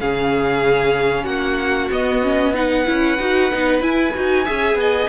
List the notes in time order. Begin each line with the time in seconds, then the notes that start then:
0.00 C#3 C#4 G#4 F5
1.24 A#3 F#4 F#5
1.91 B3 D#5
2.22 C#4
2.54 D#4 B4 F#5
2.85 C#4 E4
3.19 D#4 F#4
3.51 B3 D#4
3.80 E4 G#5
4.14 D#4 F#4
4.45 C#4 G#4 E5
4.74 B3 D#5